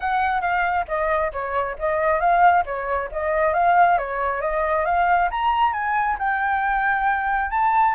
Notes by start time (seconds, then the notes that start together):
0.00 F#5
0.41 F5
0.88 D#5
1.32 C#5
1.78 D#5
2.19 F5
2.65 C#5
3.11 D#5
3.53 F5
3.97 C#5
4.41 D#5
4.85 F5
5.30 A#5
5.73 G#5
6.18 G5
7.50 A5